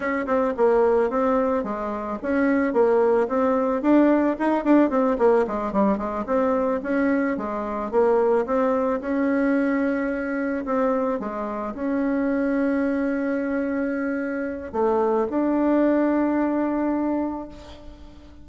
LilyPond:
\new Staff \with { instrumentName = "bassoon" } { \time 4/4 \tempo 4 = 110 cis'8 c'8 ais4 c'4 gis4 | cis'4 ais4 c'4 d'4 | dis'8 d'8 c'8 ais8 gis8 g8 gis8 c'8~ | c'8 cis'4 gis4 ais4 c'8~ |
c'8 cis'2. c'8~ | c'8 gis4 cis'2~ cis'8~ | cis'2. a4 | d'1 | }